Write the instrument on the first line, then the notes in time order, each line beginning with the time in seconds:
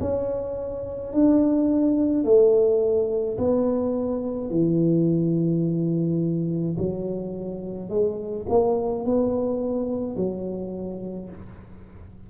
tuba
0.00 C#4
1.13 D4
2.24 A3
3.38 B3
4.50 E3
6.78 F#3
7.89 G#3
8.49 A#3
9.05 B3
10.16 F#3